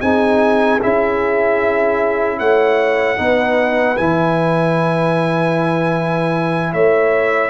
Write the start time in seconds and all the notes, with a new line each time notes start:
0.00 C4 D#4 G#4 G#5
0.82 C#4 E4 E5
2.39 A3 C#5 F#5
3.17 B3 D#4 B4
3.96 E3 E4 G#5
6.72 A3 C#5 E5